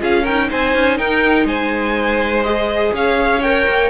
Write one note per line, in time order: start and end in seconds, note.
0.00 0.51 C#4
0.00 0.24 F4
0.00 0.22 G#4
0.00 0.25 F5
0.22 2.44 D#4
0.22 0.47 A#4
0.22 0.50 G5
0.50 0.74 C4
0.50 0.97 C5
0.50 0.97 G#5
0.74 0.99 C#4
0.97 1.44 D#4
0.97 1.46 A#4
0.97 1.46 G5
1.44 2.91 G#3
1.44 2.93 C5
1.44 2.43 G#5
2.43 3.42 G#4
2.43 2.92 D#5
2.93 3.66 C#4
2.93 3.89 C#5
2.93 3.42 F5
3.42 3.89 A#4
3.42 3.89 G5
3.67 3.89 A#3